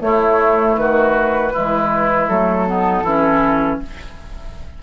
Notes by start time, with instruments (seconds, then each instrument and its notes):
0.00 clarinet A3, bassoon A3, flute C#5
0.06 oboe E4
0.77 bassoon D#3, oboe F#4, flute B4
1.53 bassoon E3, clarinet G#3, oboe E4
2.28 bassoon F#3, clarinet A3, flute A4
2.68 clarinet B3, oboe D#4
3.03 bassoon E3, clarinet C#4, oboe E4